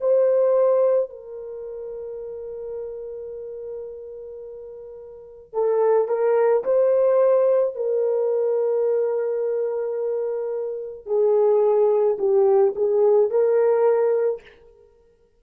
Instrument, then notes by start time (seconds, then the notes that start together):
horn
0.00 C5
1.10 A#4
5.53 A4
6.08 A#4
6.64 C5
7.75 A#4
11.06 G#4
12.18 G4
12.76 G#4
13.30 A#4